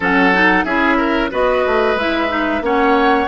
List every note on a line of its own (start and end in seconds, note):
0.00 0.64 F#3
0.00 0.34 C#4
0.00 0.65 A4
0.00 0.64 F#5
0.34 0.66 D#4
0.64 1.30 C#4
0.64 1.30 E4
0.64 0.97 G#4
0.64 1.30 E5
0.97 1.30 A#4
1.30 1.65 B3
1.30 1.96 F#4
1.30 2.62 B4
1.30 1.98 D#5
1.66 1.95 A3
1.95 2.60 G#3
1.95 2.29 E4
1.95 2.64 E5
2.29 2.62 D#4
2.60 3.26 A#3
2.60 3.28 C#4
2.60 3.28 C#5
2.60 3.28 F#5